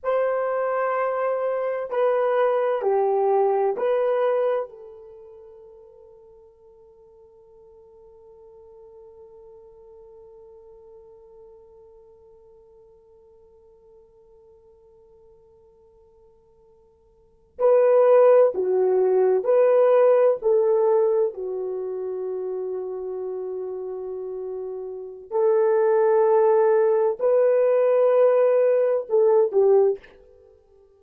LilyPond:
\new Staff \with { instrumentName = "horn" } { \time 4/4 \tempo 4 = 64 c''2 b'4 g'4 | b'4 a'2.~ | a'1~ | a'1~ |
a'2~ a'8. b'4 fis'16~ | fis'8. b'4 a'4 fis'4~ fis'16~ | fis'2. a'4~ | a'4 b'2 a'8 g'8 | }